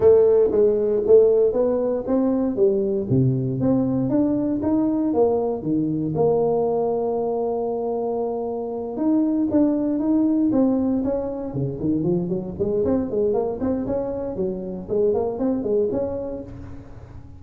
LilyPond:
\new Staff \with { instrumentName = "tuba" } { \time 4/4 \tempo 4 = 117 a4 gis4 a4 b4 | c'4 g4 c4 c'4 | d'4 dis'4 ais4 dis4 | ais1~ |
ais4. dis'4 d'4 dis'8~ | dis'8 c'4 cis'4 cis8 dis8 f8 | fis8 gis8 c'8 gis8 ais8 c'8 cis'4 | fis4 gis8 ais8 c'8 gis8 cis'4 | }